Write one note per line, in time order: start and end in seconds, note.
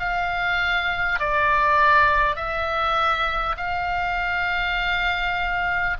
0.00 1.20 F5
1.20 2.36 D5
2.36 3.56 E5
3.58 5.98 F5